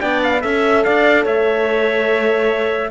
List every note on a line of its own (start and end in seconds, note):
0.00 0.44 B3
0.00 0.41 D4
0.00 0.42 D5
0.00 0.21 G5
0.23 0.41 F5
0.41 0.85 C#4
0.41 2.90 A4
0.41 0.83 E5
0.41 0.85 E5
0.84 1.26 D4
0.84 1.24 D5
0.84 1.26 F5
1.24 2.90 A3
1.24 2.90 C#5
1.24 2.90 E5